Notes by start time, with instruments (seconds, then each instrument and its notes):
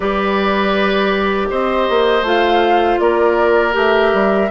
0.00 bassoon G3, clarinet G4, oboe B4, flute D5
1.50 bassoon C4, oboe C5, flute D#5
1.89 bassoon A#3
2.22 bassoon A3, clarinet F4, flute F5
2.99 bassoon A#3, oboe A#4, flute D5
3.72 bassoon A3, clarinet G4, flute E5
4.13 bassoon G3